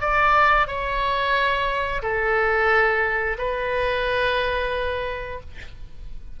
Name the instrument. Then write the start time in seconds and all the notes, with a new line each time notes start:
oboe
0.00 D5
0.67 C#5
2.02 A4
3.38 B4